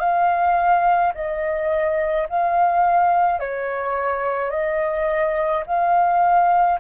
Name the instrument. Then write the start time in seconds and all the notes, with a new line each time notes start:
flute
0.00 F5
1.15 D#5
2.30 F5
3.40 C#5
4.51 D#5
5.67 F5